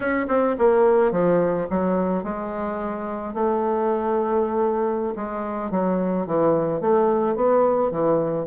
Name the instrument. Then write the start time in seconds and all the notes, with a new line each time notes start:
bassoon
0.00 C#4
0.28 C4
0.58 A#3
1.11 F3
1.70 F#3
2.23 G#3
3.34 A3
5.15 G#3
5.70 F#3
6.26 E3
6.80 A3
7.35 B3
7.91 E3